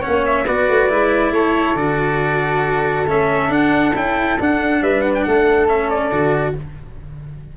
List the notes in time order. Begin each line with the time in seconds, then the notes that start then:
0.00 C#4 C#5 F#5
0.06 A#3
0.25 E5
0.44 B3 F#4 B4 D5
0.68 A3
0.89 G#3 E4
1.31 A3 A4 C#5
1.74 D3 F#4 D5
3.05 A3 C#4 E5
3.48 D4 F#5
3.94 C#4 E4 G5
4.39 D4 F#5
4.81 G3 B4 E5
5.01 F#5
5.14 G5
5.23 A3 A4 F#5
5.68 C#4 E5
5.89 D5
6.11 D3 F#4